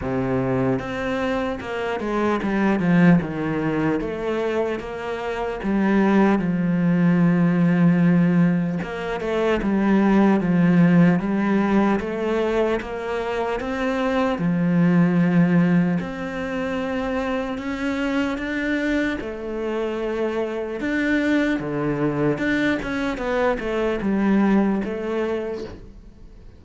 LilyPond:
\new Staff \with { instrumentName = "cello" } { \time 4/4 \tempo 4 = 75 c4 c'4 ais8 gis8 g8 f8 | dis4 a4 ais4 g4 | f2. ais8 a8 | g4 f4 g4 a4 |
ais4 c'4 f2 | c'2 cis'4 d'4 | a2 d'4 d4 | d'8 cis'8 b8 a8 g4 a4 | }